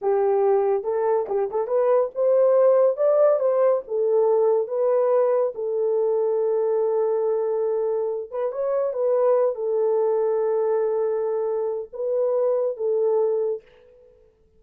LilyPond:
\new Staff \with { instrumentName = "horn" } { \time 4/4 \tempo 4 = 141 g'2 a'4 g'8 a'8 | b'4 c''2 d''4 | c''4 a'2 b'4~ | b'4 a'2.~ |
a'2.~ a'8 b'8 | cis''4 b'4. a'4.~ | a'1 | b'2 a'2 | }